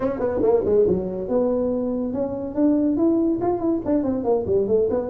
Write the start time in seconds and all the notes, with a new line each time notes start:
0.00 C#4
0.19 B3
0.42 A#3
0.65 G#3
0.87 F#3
1.28 B3
2.13 C#4
2.54 D4
2.96 E4
3.41 F4
3.59 E4
3.85 D4
4.03 C4
4.24 A#3
4.46 G3
4.67 A3
4.90 B3